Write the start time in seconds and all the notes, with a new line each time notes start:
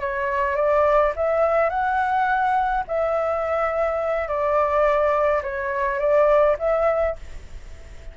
0.00 C#5
0.56 D5
1.16 E5
1.70 F#5
2.88 E5
4.28 D5
5.43 C#5
5.99 D5
6.58 E5